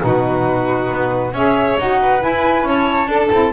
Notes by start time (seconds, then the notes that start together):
0.00 B2 D#4 F#4 B4
0.92 B3
1.33 C#4 G#4 C#5 E5
1.80 D#4 F#4 F#5
2.02 B4
2.20 E4 G#5
2.64 C#4 C#5 A5
3.08 D4 A4
3.32 C4 E4